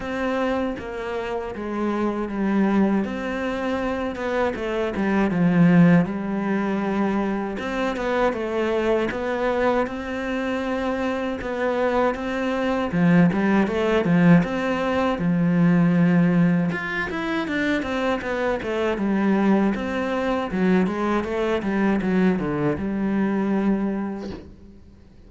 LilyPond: \new Staff \with { instrumentName = "cello" } { \time 4/4 \tempo 4 = 79 c'4 ais4 gis4 g4 | c'4. b8 a8 g8 f4 | g2 c'8 b8 a4 | b4 c'2 b4 |
c'4 f8 g8 a8 f8 c'4 | f2 f'8 e'8 d'8 c'8 | b8 a8 g4 c'4 fis8 gis8 | a8 g8 fis8 d8 g2 | }